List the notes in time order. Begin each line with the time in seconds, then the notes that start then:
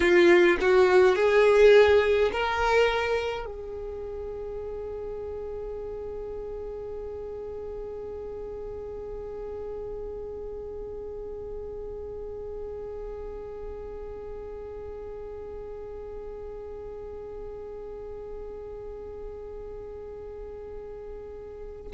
0.00 F4
0.61 F#4
1.15 G#4
2.31 A#4
3.45 G#4